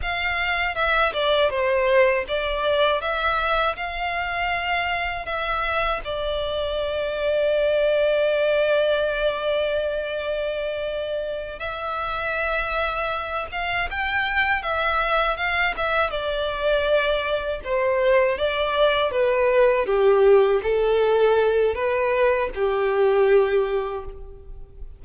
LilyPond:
\new Staff \with { instrumentName = "violin" } { \time 4/4 \tempo 4 = 80 f''4 e''8 d''8 c''4 d''4 | e''4 f''2 e''4 | d''1~ | d''2.~ d''8 e''8~ |
e''2 f''8 g''4 e''8~ | e''8 f''8 e''8 d''2 c''8~ | c''8 d''4 b'4 g'4 a'8~ | a'4 b'4 g'2 | }